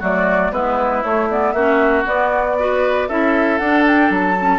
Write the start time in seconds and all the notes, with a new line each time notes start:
0.00 F#3 A3 F#4 D5
0.51 G#3 B3 E4 B4
1.03 A3 C#5
1.30 B3 D5
1.52 A#3 C#4 F#4 E5
2.05 B3 D5
2.59 F#4 B4
3.08 C#4 E4 A4 E5
3.58 D4 F#5
3.87 G5
4.10 F#3 A5
4.40 C#4